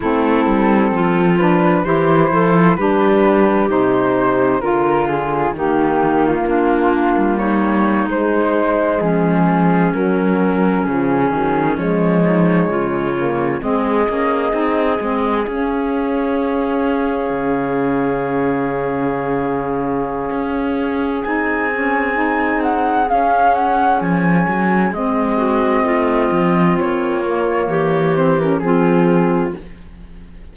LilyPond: <<
  \new Staff \with { instrumentName = "flute" } { \time 4/4 \tempo 4 = 65 a'4. b'8 c''4 b'4 | c''4 ais'8 gis'8 g'8. f'4~ f'16 | cis''8. c''4 gis'4 ais'4 gis'16~ | gis'8. cis''2 dis''4~ dis''16~ |
dis''8. f''2.~ f''16~ | f''2. gis''4~ | gis''8 fis''8 f''8 fis''8 gis''4 dis''4~ | dis''4 cis''4. c''16 ais'16 gis'4 | }
  \new Staff \with { instrumentName = "clarinet" } { \time 4/4 e'4 f'4 g'8 a'8 g'4~ | g'4 f'4 dis'4 d'4 | dis'4.~ dis'16 cis'2~ cis'16~ | cis'4~ cis'16 dis'8 f'4 gis'4~ gis'16~ |
gis'1~ | gis'1~ | gis'2.~ gis'8 fis'8 | f'2 g'4 f'4 | }
  \new Staff \with { instrumentName = "saxophone" } { \time 4/4 c'4. d'8 e'4 d'4 | dis'4 f'4 ais2~ | ais8. gis2 fis4 f16~ | f16 fis8 gis4. ais8 c'8 cis'8 dis'16~ |
dis'16 c'8 cis'2.~ cis'16~ | cis'2. dis'8 cis'8 | dis'4 cis'2 c'4~ | c'4. ais4 c'16 cis'16 c'4 | }
  \new Staff \with { instrumentName = "cello" } { \time 4/4 a8 g8 f4 e8 f8 g4 | c4 d4 dis4 ais8. g16~ | g8. gis4 f4 fis4 cis16~ | cis16 dis8 f4 cis4 gis8 ais8 c'16~ |
c'16 gis8 cis'2 cis4~ cis16~ | cis2 cis'4 c'4~ | c'4 cis'4 f8 fis8 gis4 | a8 f8 ais4 e4 f4 | }
>>